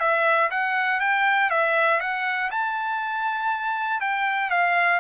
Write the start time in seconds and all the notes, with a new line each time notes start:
0.00 E5
0.51 F#5
1.00 G5
1.50 E5
2.01 F#5
2.51 A5
4.01 G5
4.51 F5